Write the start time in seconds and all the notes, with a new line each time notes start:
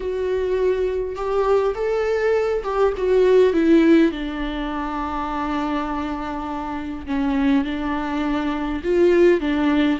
0.00 F#4
1.15 G4
1.75 A4
2.63 G4
2.97 F#4
3.53 E4
4.11 D4
7.06 C#4
7.64 D4
8.83 F4
9.40 D4